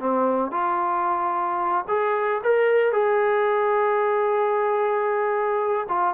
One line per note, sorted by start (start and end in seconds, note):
0.00 0.51 C4
0.51 1.85 F4
1.88 2.42 G#4
2.44 2.93 A#4
2.93 5.87 G#4
5.89 6.15 F4